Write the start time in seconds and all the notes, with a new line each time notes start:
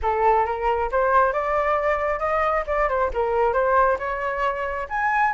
0.02 A4
0.45 A#4
0.91 C5
1.33 D5
2.19 D#5
2.66 D5
2.88 C5
3.13 A#4
3.53 C5
3.98 C#5
4.89 G#5